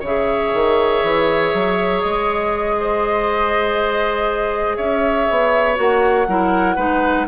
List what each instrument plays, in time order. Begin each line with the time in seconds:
0.00 bassoon C#3, clarinet G#4, oboe C#5, flute E5
0.53 bassoon D#3
1.02 bassoon E3
1.53 bassoon F#3
2.01 bassoon G#3, flute D#5
2.80 oboe C5
4.76 bassoon C#4, oboe C#5, flute E5
5.30 bassoon B3
5.75 bassoon A#3, clarinet F#4, flute F#5
6.28 bassoon F#3, clarinet E4, oboe A#4
6.75 bassoon G#3, clarinet D#4, oboe B4